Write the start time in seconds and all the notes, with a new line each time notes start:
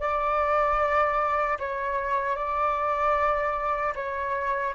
0.00 D5
1.59 C#5
2.36 D5
3.95 C#5